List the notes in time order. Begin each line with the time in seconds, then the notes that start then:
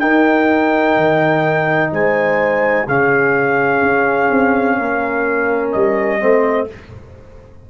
0.00 D#4 A#4 G5
0.97 D#3
1.92 G#3 C5 G#5
2.87 C#3 C#4 G#4 F5
3.82 C#4
4.31 C4
4.78 A#3 A#4
5.72 G3 D#5
6.20 A3 C4 C5